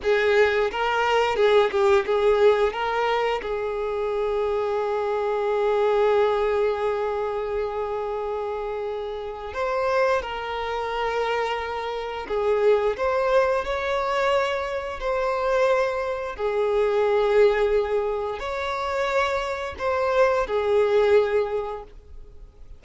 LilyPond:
\new Staff \with { instrumentName = "violin" } { \time 4/4 \tempo 4 = 88 gis'4 ais'4 gis'8 g'8 gis'4 | ais'4 gis'2.~ | gis'1~ | gis'2 c''4 ais'4~ |
ais'2 gis'4 c''4 | cis''2 c''2 | gis'2. cis''4~ | cis''4 c''4 gis'2 | }